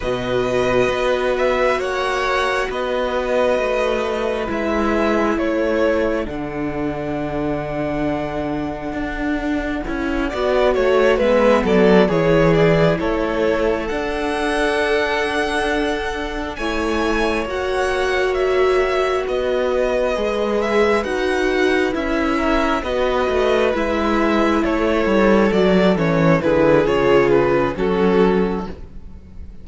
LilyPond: <<
  \new Staff \with { instrumentName = "violin" } { \time 4/4 \tempo 4 = 67 dis''4. e''8 fis''4 dis''4~ | dis''4 e''4 cis''4 fis''4~ | fis''1~ | fis''8 e''8 d''8 cis''8 d''8 cis''4 fis''8~ |
fis''2~ fis''8 gis''4 fis''8~ | fis''8 e''4 dis''4. e''8 fis''8~ | fis''8 e''4 dis''4 e''4 cis''8~ | cis''8 d''8 cis''8 b'8 cis''8 b'8 a'4 | }
  \new Staff \with { instrumentName = "violin" } { \time 4/4 b'2 cis''4 b'4~ | b'2 a'2~ | a'2.~ a'8 d''8 | cis''8 b'8 a'8 gis'4 a'4.~ |
a'2~ a'8 cis''4.~ | cis''4. b'2~ b'8~ | b'4 ais'8 b'2 a'8~ | a'4. gis'4. fis'4 | }
  \new Staff \with { instrumentName = "viola" } { \time 4/4 fis'1~ | fis'4 e'2 d'4~ | d'2. e'8 fis'8~ | fis'8 b4 e'2 d'8~ |
d'2~ d'8 e'4 fis'8~ | fis'2~ fis'8 gis'4 fis'8~ | fis'8 e'4 fis'4 e'4.~ | e'8 fis'8 cis'8 e'8 f'4 cis'4 | }
  \new Staff \with { instrumentName = "cello" } { \time 4/4 b,4 b4 ais4 b4 | a4 gis4 a4 d4~ | d2 d'4 cis'8 b8 | a8 gis8 fis8 e4 a4 d'8~ |
d'2~ d'8 a4 ais8~ | ais4. b4 gis4 dis'8~ | dis'8 cis'4 b8 a8 gis4 a8 | g8 fis8 e8 d8 cis4 fis4 | }
>>